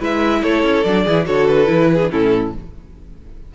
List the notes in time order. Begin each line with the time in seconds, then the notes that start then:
0.00 G#3 E4 B4 E5
0.43 A3 A4 C#5
0.63 C#4
0.84 F#3 D4 D5
1.05 E3 E4 G#4
1.26 D3 F#4 A4 C#5
1.48 B4
1.67 E3 E4
1.93 G#4
2.03 D4
2.10 A2 C#4 E4 A4